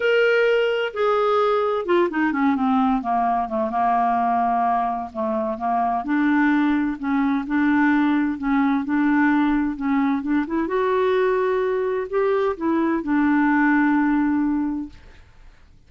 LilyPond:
\new Staff \with { instrumentName = "clarinet" } { \time 4/4 \tempo 4 = 129 ais'2 gis'2 | f'8 dis'8 cis'8 c'4 ais4 a8 | ais2. a4 | ais4 d'2 cis'4 |
d'2 cis'4 d'4~ | d'4 cis'4 d'8 e'8 fis'4~ | fis'2 g'4 e'4 | d'1 | }